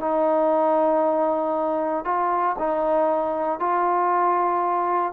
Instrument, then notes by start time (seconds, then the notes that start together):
trombone
0.00 D#4
2.05 F4
2.59 D#4
3.59 F4